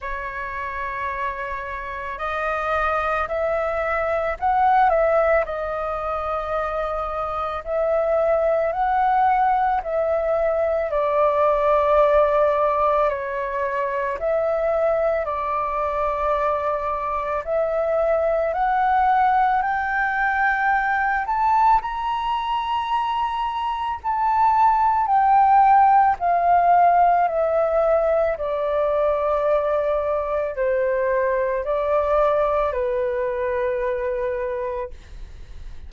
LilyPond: \new Staff \with { instrumentName = "flute" } { \time 4/4 \tempo 4 = 55 cis''2 dis''4 e''4 | fis''8 e''8 dis''2 e''4 | fis''4 e''4 d''2 | cis''4 e''4 d''2 |
e''4 fis''4 g''4. a''8 | ais''2 a''4 g''4 | f''4 e''4 d''2 | c''4 d''4 b'2 | }